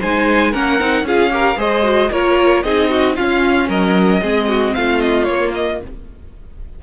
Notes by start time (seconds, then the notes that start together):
0.00 G#3 D#4 C5 G#5
0.52 A#3 C#4 A#4 F#5
0.80 C4 D#4
1.03 C#4 F4 G#4 F5
1.31 G4 A#4
1.57 G#3 G#4 C5 D#5
1.83 F#4
2.11 A#3 F4 A#4 C#5
2.63 C4 D#4 G#4 D#5
2.91 F#4
3.16 C#4 F4 F5
3.69 F#3 A#4 D#5
4.22 G#3 C4 G#4
4.48 F#4
4.75 A3 F4 F5
5.01 D#5
5.24 A#3 C#5
5.55 D#5